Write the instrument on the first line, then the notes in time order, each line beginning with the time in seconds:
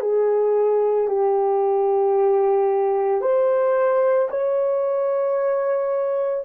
horn
0.00 G#4
1.08 G4
3.21 C5
4.30 C#5